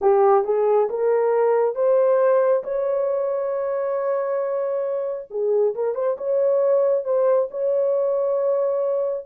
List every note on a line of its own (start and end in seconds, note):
0.01 0.44 G4
0.44 0.88 G#4
0.89 1.75 A#4
1.75 2.63 C5
2.63 5.28 C#5
5.30 5.74 G#4
5.74 5.94 A#4
5.94 6.16 C5
6.17 7.04 C#5
7.04 7.48 C5
7.50 9.25 C#5